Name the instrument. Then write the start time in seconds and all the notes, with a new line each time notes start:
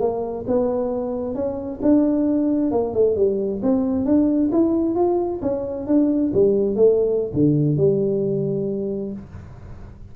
tuba
0.00 A#3
0.47 B3
1.35 C#4
1.82 D4
2.71 A#3
2.94 A3
3.16 G3
3.62 C4
4.05 D4
4.52 E4
4.95 F4
5.42 C#4
5.86 D4
6.33 G3
6.75 A3
7.33 D3
7.77 G3